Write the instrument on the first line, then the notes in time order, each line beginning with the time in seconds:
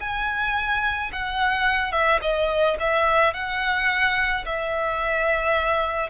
violin
0.00 G#5
1.12 F#5
1.92 E5
2.22 D#5
2.80 E5
3.34 F#5
4.45 E5